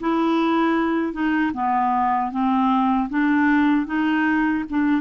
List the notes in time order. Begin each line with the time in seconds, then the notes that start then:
0.00 E4
1.13 D#4
1.53 B3
2.31 C4
3.09 D4
3.86 D#4
4.70 D4